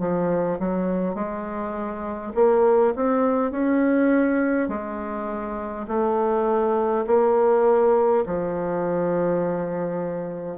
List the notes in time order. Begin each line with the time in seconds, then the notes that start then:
0.00 F3
0.59 F#3
1.15 G#3
2.35 A#3
2.96 C4
3.52 C#4
4.69 G#3
5.88 A3
7.07 A#3
8.27 F3